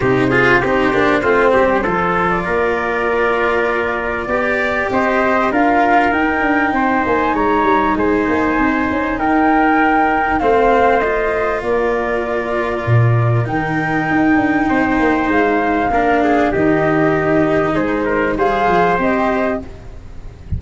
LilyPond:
<<
  \new Staff \with { instrumentName = "flute" } { \time 4/4 \tempo 4 = 98 c''2.~ c''8. d''16~ | d''1 | dis''4 f''4 g''4. gis''8 | ais''4 gis''2 g''4~ |
g''4 f''4 dis''4 d''4~ | d''2 g''2~ | g''4 f''2 dis''4~ | dis''4 c''4 f''4 dis''4 | }
  \new Staff \with { instrumentName = "trumpet" } { \time 4/4 g'8 gis'8 g'4 f'8 g'8 a'4 | ais'2. d''4 | c''4 ais'2 c''4 | cis''4 c''2 ais'4~ |
ais'4 c''2 ais'4~ | ais'1 | c''2 ais'8 gis'8 g'4~ | g'4 gis'8 ais'8 c''2 | }
  \new Staff \with { instrumentName = "cello" } { \time 4/4 dis'8 f'8 dis'8 d'8 c'4 f'4~ | f'2. g'4~ | g'4 f'4 dis'2~ | dis'1~ |
dis'4 c'4 f'2~ | f'2 dis'2~ | dis'2 d'4 dis'4~ | dis'2 gis'4 g'4 | }
  \new Staff \with { instrumentName = "tuba" } { \time 4/4 c4 c'8 ais8 a8 g8 f4 | ais2. b4 | c'4 d'4 dis'8 d'8 c'8 ais8 | gis8 g8 gis8 ais8 c'8 cis'8 dis'4~ |
dis'4 a2 ais4~ | ais4 ais,4 dis4 dis'8 d'8 | c'8 ais8 gis4 ais4 dis4~ | dis4 gis4 g8 f8 c'4 | }
>>